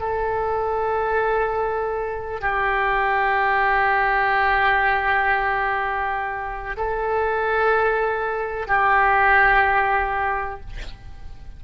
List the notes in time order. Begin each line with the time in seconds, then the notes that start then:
0.00 A4
2.41 G4
6.77 A4
8.67 G4